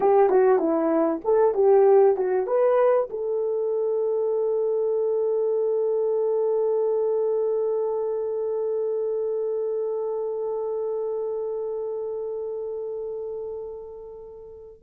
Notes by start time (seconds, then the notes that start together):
0.00 G4
0.30 F#4
0.58 E4
1.24 A4
1.54 G4
2.16 F#4
2.47 B4
3.09 A4